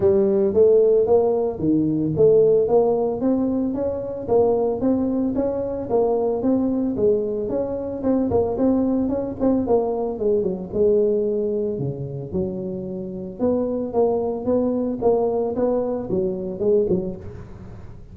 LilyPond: \new Staff \with { instrumentName = "tuba" } { \time 4/4 \tempo 4 = 112 g4 a4 ais4 dis4 | a4 ais4 c'4 cis'4 | ais4 c'4 cis'4 ais4 | c'4 gis4 cis'4 c'8 ais8 |
c'4 cis'8 c'8 ais4 gis8 fis8 | gis2 cis4 fis4~ | fis4 b4 ais4 b4 | ais4 b4 fis4 gis8 fis8 | }